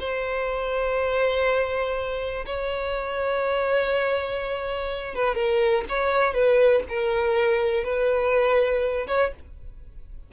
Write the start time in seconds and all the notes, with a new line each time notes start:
0.00 C5
2.46 C#5
5.15 B4
5.36 A#4
5.89 C#5
6.34 B4
6.89 A#4
7.84 B4
9.08 C#5